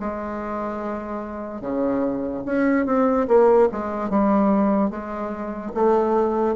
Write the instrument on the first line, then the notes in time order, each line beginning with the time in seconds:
bassoon
0.00 G#3
1.61 C#3
2.46 C#4
2.86 C4
3.28 A#3
3.72 G#3
4.10 G3
4.91 G#3
5.75 A3